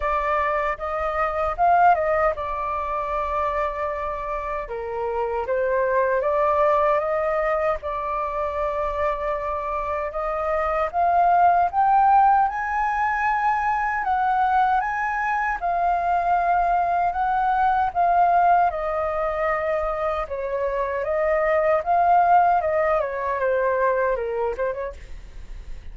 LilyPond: \new Staff \with { instrumentName = "flute" } { \time 4/4 \tempo 4 = 77 d''4 dis''4 f''8 dis''8 d''4~ | d''2 ais'4 c''4 | d''4 dis''4 d''2~ | d''4 dis''4 f''4 g''4 |
gis''2 fis''4 gis''4 | f''2 fis''4 f''4 | dis''2 cis''4 dis''4 | f''4 dis''8 cis''8 c''4 ais'8 c''16 cis''16 | }